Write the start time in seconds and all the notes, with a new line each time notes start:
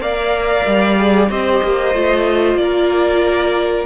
0.00 A#3 A#4 D5 F5
0.66 G3
0.97 G#4
1.29 C4 G4 C5 D#5
1.63 A#3
1.94 A3 F4
2.55 A#3 D5
2.62 A#4